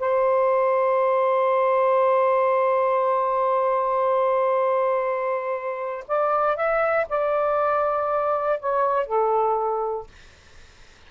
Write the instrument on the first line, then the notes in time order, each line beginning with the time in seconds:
saxophone
0.00 C5
6.08 D5
6.57 E5
7.09 D5
8.61 C#5
9.07 A4